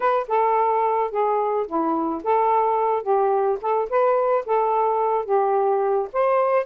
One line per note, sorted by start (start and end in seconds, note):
0.00 0.27 B4
0.28 1.11 A4
1.11 1.66 G#4
1.67 2.22 E4
2.23 3.02 A4
3.02 3.58 G4
3.61 3.89 A4
3.89 4.45 B4
4.45 5.25 A4
5.25 6.08 G4
6.12 6.65 C5